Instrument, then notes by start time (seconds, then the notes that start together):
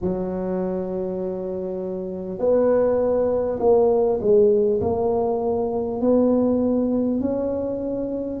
tuba
0.01 F#3
2.38 B3
3.59 A#3
4.20 G#3
4.80 A#3
6.00 B3
7.20 C#4